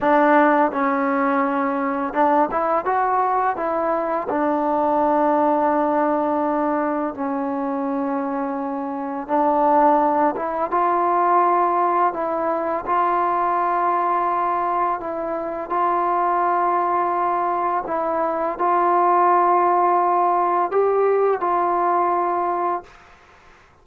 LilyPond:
\new Staff \with { instrumentName = "trombone" } { \time 4/4 \tempo 4 = 84 d'4 cis'2 d'8 e'8 | fis'4 e'4 d'2~ | d'2 cis'2~ | cis'4 d'4. e'8 f'4~ |
f'4 e'4 f'2~ | f'4 e'4 f'2~ | f'4 e'4 f'2~ | f'4 g'4 f'2 | }